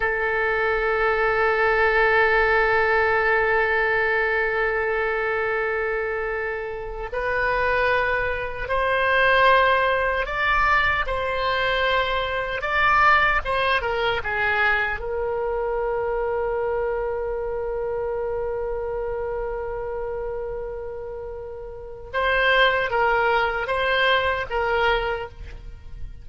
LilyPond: \new Staff \with { instrumentName = "oboe" } { \time 4/4 \tempo 4 = 76 a'1~ | a'1~ | a'4 b'2 c''4~ | c''4 d''4 c''2 |
d''4 c''8 ais'8 gis'4 ais'4~ | ais'1~ | ais'1 | c''4 ais'4 c''4 ais'4 | }